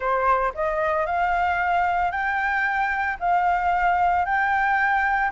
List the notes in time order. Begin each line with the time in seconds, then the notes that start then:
0.00 C5
0.54 D#5
1.05 F5
2.11 G5
3.19 F5
4.25 G5